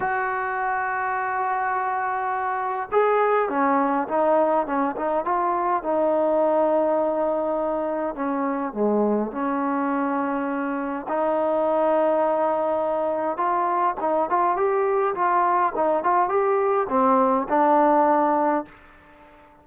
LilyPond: \new Staff \with { instrumentName = "trombone" } { \time 4/4 \tempo 4 = 103 fis'1~ | fis'4 gis'4 cis'4 dis'4 | cis'8 dis'8 f'4 dis'2~ | dis'2 cis'4 gis4 |
cis'2. dis'4~ | dis'2. f'4 | dis'8 f'8 g'4 f'4 dis'8 f'8 | g'4 c'4 d'2 | }